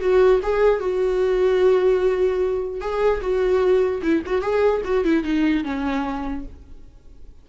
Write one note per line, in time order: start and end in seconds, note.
0.00 0.40 F#4
0.42 0.80 G#4
0.80 2.80 F#4
2.80 3.20 G#4
3.21 4.01 F#4
4.02 4.22 E4
4.26 4.41 F#4
4.41 4.81 G#4
4.84 5.04 F#4
5.04 5.23 E4
5.23 5.64 D#4
5.64 6.44 C#4